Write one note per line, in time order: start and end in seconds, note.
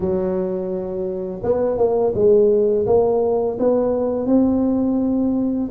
0.00 1.41 F#3
1.43 1.77 B3
1.77 2.13 A#3
2.14 2.86 G#3
2.86 3.57 A#3
3.59 4.26 B3
4.26 5.69 C4